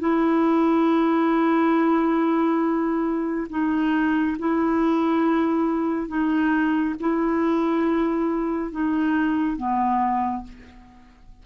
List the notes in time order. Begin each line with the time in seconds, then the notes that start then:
0.00 E4
3.50 D#4
4.39 E4
6.08 D#4
7.00 E4
8.72 D#4
9.57 B3